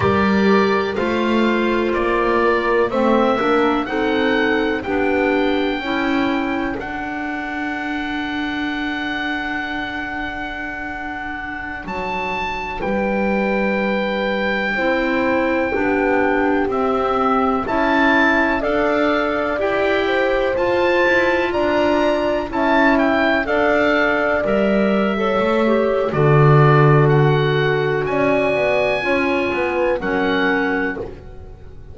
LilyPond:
<<
  \new Staff \with { instrumentName = "oboe" } { \time 4/4 \tempo 4 = 62 d''4 f''4 d''4 e''4 | fis''4 g''2 fis''4~ | fis''1~ | fis''16 a''4 g''2~ g''8.~ |
g''4~ g''16 e''4 a''4 f''8.~ | f''16 g''4 a''4 ais''4 a''8 g''16~ | g''16 f''4 e''4.~ e''16 d''4 | fis''4 gis''2 fis''4 | }
  \new Staff \with { instrumentName = "horn" } { \time 4/4 ais'4 c''4. ais'8 c''8 ais'8 | a'4 g'4 a'2~ | a'1~ | a'4~ a'16 b'2 c''8.~ |
c''16 g'2 e''4 d''8.~ | d''8. c''4. d''4 e''8.~ | e''16 d''4.~ d''16 cis''4 a'4~ | a'4 d''4 cis''8 b'8 ais'4 | }
  \new Staff \with { instrumentName = "clarinet" } { \time 4/4 g'4 f'2 c'8 d'8 | dis'4 d'4 e'4 d'4~ | d'1~ | d'2.~ d'16 e'8.~ |
e'16 d'4 c'4 e'4 a'8.~ | a'16 g'4 f'2 e'8.~ | e'16 a'4 ais'8. a'8 g'8 fis'4~ | fis'2 f'4 cis'4 | }
  \new Staff \with { instrumentName = "double bass" } { \time 4/4 g4 a4 ais4 a8 ais8 | c'4 b4 cis'4 d'4~ | d'1~ | d'16 fis4 g2 c'8.~ |
c'16 b4 c'4 cis'4 d'8.~ | d'16 e'4 f'8 e'8 d'4 cis'8.~ | cis'16 d'4 g4 a8. d4~ | d4 cis'8 b8 cis'8 b8 fis4 | }
>>